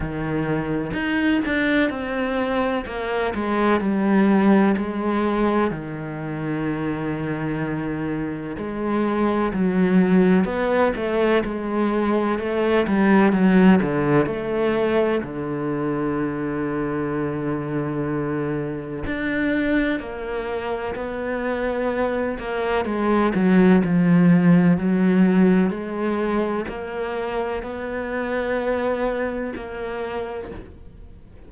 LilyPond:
\new Staff \with { instrumentName = "cello" } { \time 4/4 \tempo 4 = 63 dis4 dis'8 d'8 c'4 ais8 gis8 | g4 gis4 dis2~ | dis4 gis4 fis4 b8 a8 | gis4 a8 g8 fis8 d8 a4 |
d1 | d'4 ais4 b4. ais8 | gis8 fis8 f4 fis4 gis4 | ais4 b2 ais4 | }